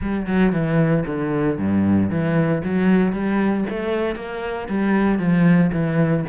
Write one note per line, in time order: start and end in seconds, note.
0.01 0.26 G3
0.26 0.52 F#3
0.52 1.04 E3
1.06 1.58 D3
1.58 2.10 G2
2.10 2.62 E3
2.63 3.12 F#3
3.12 3.64 G3
3.69 4.15 A3
4.15 4.67 A#3
4.68 5.18 G3
5.18 5.71 F3
5.72 6.24 E3